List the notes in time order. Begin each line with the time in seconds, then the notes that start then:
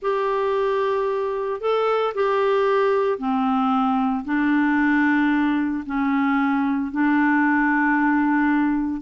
0.01 G4
1.60 A4
2.14 G4
3.18 C4
4.24 D4
5.86 C#4
6.91 D4